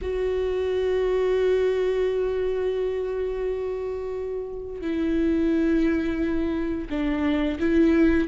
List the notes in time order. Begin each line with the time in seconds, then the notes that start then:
0.01 F#4
4.81 E4
6.90 D4
7.59 E4